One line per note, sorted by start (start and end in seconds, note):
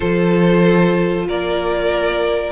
0.00 1.29 F3
0.00 2.52 F4
0.00 1.27 A4
0.00 1.27 C5
1.28 2.52 A#3
1.28 2.52 A#4
1.28 2.52 D5